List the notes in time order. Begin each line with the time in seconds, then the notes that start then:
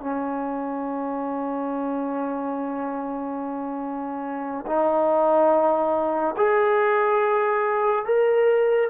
0.00 C#4
4.66 D#4
6.36 G#4
8.05 A#4